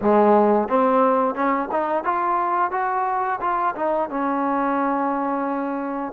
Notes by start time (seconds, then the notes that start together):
0.01 G#3
0.68 C4
1.34 C#4
1.71 D#4
2.04 F4
2.71 F#4
3.41 F4
3.75 D#4
4.09 C#4